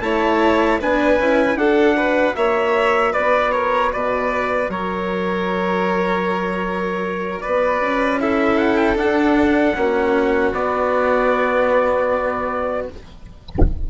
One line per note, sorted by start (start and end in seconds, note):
0.00 0.78 A3
0.00 0.80 E4
0.00 0.80 C#5
0.00 0.79 A5
0.80 1.18 B3
0.80 1.19 D4
0.80 1.57 B4
0.80 1.57 G#5
1.18 1.55 C#4
1.18 1.58 E4
1.55 2.33 D4
1.55 8.19 F#4
1.55 1.96 A4
1.55 2.35 F#5
1.96 2.35 B4
2.35 3.13 A#3
2.35 3.12 C#5
2.35 3.13 E5
3.12 3.94 B3
3.12 3.51 B4
3.12 3.51 D5
3.51 3.91 A#4
3.51 3.90 C#5
3.92 4.69 B2
3.92 4.70 B4
3.92 4.70 D5
4.69 7.41 F#3
4.69 7.42 A#4
4.69 7.40 C#5
7.40 7.80 B3
7.40 8.19 B4
7.40 8.18 D5
7.80 8.97 C#4
8.19 8.95 E4
8.19 9.76 A4
8.19 8.57 E5
8.57 8.76 F#5
8.76 8.96 G5
8.95 9.73 D4
8.95 9.75 D4
8.95 10.53 F#5
9.75 10.52 A#3
9.75 10.53 C#4
9.75 12.90 F#4
10.52 12.86 B3
10.52 12.88 B3
10.52 12.87 D5